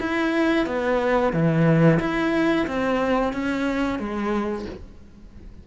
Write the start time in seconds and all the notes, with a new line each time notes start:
0.00 E4
0.67 B3
1.33 E3
2.00 E4
2.67 C4
3.33 C#4
3.99 G#3